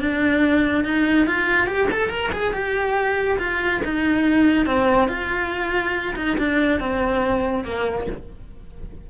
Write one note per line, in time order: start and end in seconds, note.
0.00 0.84 D4
0.84 1.27 D#4
1.27 1.67 F4
1.67 1.88 G4
1.91 2.09 A4
2.09 2.31 A#4
2.32 2.53 G#4
2.53 3.38 G4
3.39 3.81 F4
3.85 4.66 D#4
4.66 5.08 C4
5.08 6.15 F4
6.16 6.37 D#4
6.38 6.80 D4
6.80 7.64 C4
7.64 8.07 A#3